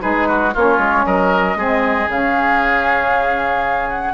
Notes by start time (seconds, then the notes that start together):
0.00 G#3 D#4 G#4 B4
0.27 F#4
0.53 A#3 C#4 F4 C#5
0.78 G#3
1.05 F#3 A#4 D#5
1.55 G#3 C4 G#4
2.08 C#3 C#4 F5
3.89 F#5